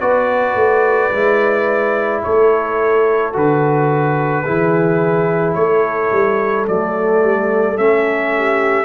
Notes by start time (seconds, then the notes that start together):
0.00 B3 F#4 B4 D5
0.55 A3
1.12 G#3 E4
2.23 A3 A4 C#5
3.33 D3 F#4 B4
4.45 E3 E4 G#4
5.54 A3 A4 C#5
6.12 G3
6.67 F#3 A3 D5
7.23 G3
7.77 A3 C#4 E5
8.37 G4